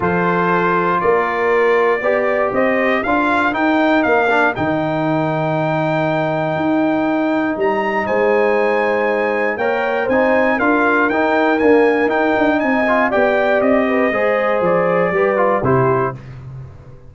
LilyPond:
<<
  \new Staff \with { instrumentName = "trumpet" } { \time 4/4 \tempo 4 = 119 c''2 d''2~ | d''4 dis''4 f''4 g''4 | f''4 g''2.~ | g''2. ais''4 |
gis''2. g''4 | gis''4 f''4 g''4 gis''4 | g''4 gis''4 g''4 dis''4~ | dis''4 d''2 c''4 | }
  \new Staff \with { instrumentName = "horn" } { \time 4/4 a'2 ais'2 | d''4 c''4 ais'2~ | ais'1~ | ais'1 |
c''2. cis''4 | c''4 ais'2.~ | ais'4 dis''4 d''4. b'8 | c''2 b'4 g'4 | }
  \new Staff \with { instrumentName = "trombone" } { \time 4/4 f'1 | g'2 f'4 dis'4~ | dis'8 d'8 dis'2.~ | dis'1~ |
dis'2. ais'4 | dis'4 f'4 dis'4 ais4 | dis'4. f'8 g'2 | gis'2 g'8 f'8 e'4 | }
  \new Staff \with { instrumentName = "tuba" } { \time 4/4 f2 ais2 | b4 c'4 d'4 dis'4 | ais4 dis2.~ | dis4 dis'2 g4 |
gis2. ais4 | c'4 d'4 dis'4 d'4 | dis'8 d'8 c'4 b4 c'4 | gis4 f4 g4 c4 | }
>>